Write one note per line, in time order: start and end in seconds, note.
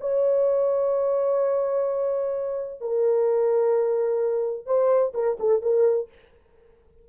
0.00 2.80 C#5
2.80 4.66 A#4
4.66 5.12 C5
5.14 5.37 A#4
5.39 5.61 A4
5.61 6.08 A#4